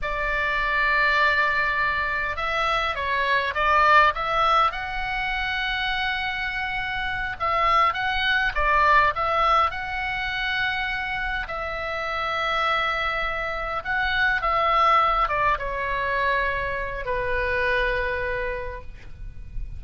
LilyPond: \new Staff \with { instrumentName = "oboe" } { \time 4/4 \tempo 4 = 102 d''1 | e''4 cis''4 d''4 e''4 | fis''1~ | fis''8 e''4 fis''4 d''4 e''8~ |
e''8 fis''2. e''8~ | e''2.~ e''8 fis''8~ | fis''8 e''4. d''8 cis''4.~ | cis''4 b'2. | }